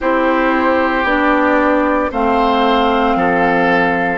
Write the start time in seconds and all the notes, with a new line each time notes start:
0.00 C4 E4 G4 C5
1.04 B3 D4 D5
2.11 A3 C4 C5 F5
3.15 F3 A4